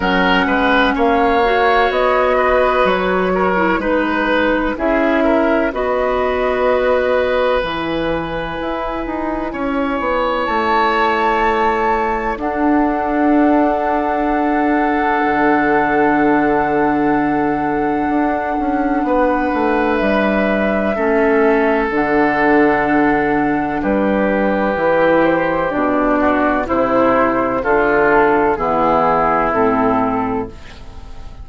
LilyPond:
<<
  \new Staff \with { instrumentName = "flute" } { \time 4/4 \tempo 4 = 63 fis''4 f''4 dis''4 cis''4 | b'4 e''4 dis''2 | gis''2. a''4~ | a''4 fis''2.~ |
fis''1~ | fis''4 e''2 fis''4~ | fis''4 b'4. c''8 d''4 | c''4 a'4 gis'4 a'4 | }
  \new Staff \with { instrumentName = "oboe" } { \time 4/4 ais'8 b'8 cis''4. b'4 ais'8 | b'4 gis'8 ais'8 b'2~ | b'2 cis''2~ | cis''4 a'2.~ |
a'1 | b'2 a'2~ | a'4 g'2~ g'8 fis'8 | e'4 f'4 e'2 | }
  \new Staff \with { instrumentName = "clarinet" } { \time 4/4 cis'4. fis'2~ fis'16 e'16 | dis'4 e'4 fis'2 | e'1~ | e'4 d'2.~ |
d'1~ | d'2 cis'4 d'4~ | d'2 e'4 d'4 | e'4 d'4 b4 c'4 | }
  \new Staff \with { instrumentName = "bassoon" } { \time 4/4 fis8 gis8 ais4 b4 fis4 | gis4 cis'4 b2 | e4 e'8 dis'8 cis'8 b8 a4~ | a4 d'2. |
d2. d'8 cis'8 | b8 a8 g4 a4 d4~ | d4 g4 e4 b,4 | c4 d4 e4 a,4 | }
>>